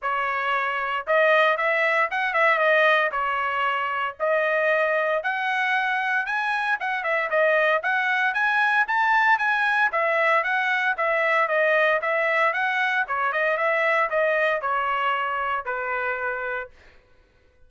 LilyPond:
\new Staff \with { instrumentName = "trumpet" } { \time 4/4 \tempo 4 = 115 cis''2 dis''4 e''4 | fis''8 e''8 dis''4 cis''2 | dis''2 fis''2 | gis''4 fis''8 e''8 dis''4 fis''4 |
gis''4 a''4 gis''4 e''4 | fis''4 e''4 dis''4 e''4 | fis''4 cis''8 dis''8 e''4 dis''4 | cis''2 b'2 | }